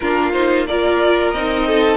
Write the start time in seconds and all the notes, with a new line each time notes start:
0.00 A#3 D4 F4 A#4
0.32 D#4 C5
0.67 F4 A#4 D5
1.31 C4 D#4 D#5
1.67 A4